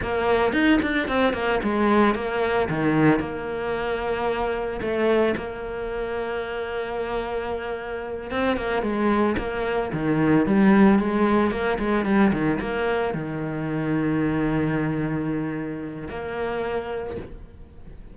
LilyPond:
\new Staff \with { instrumentName = "cello" } { \time 4/4 \tempo 4 = 112 ais4 dis'8 d'8 c'8 ais8 gis4 | ais4 dis4 ais2~ | ais4 a4 ais2~ | ais2.~ ais8 c'8 |
ais8 gis4 ais4 dis4 g8~ | g8 gis4 ais8 gis8 g8 dis8 ais8~ | ais8 dis2.~ dis8~ | dis2 ais2 | }